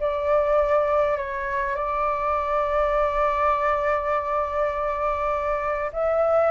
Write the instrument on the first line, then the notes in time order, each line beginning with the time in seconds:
flute
0.00 D5
1.17 C#5
1.76 D5
5.93 E5